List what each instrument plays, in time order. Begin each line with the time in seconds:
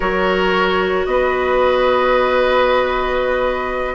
0.00 bassoon F#3, clarinet F#4, oboe A#4, flute C#5
1.05 bassoon B3, oboe B4, flute D#5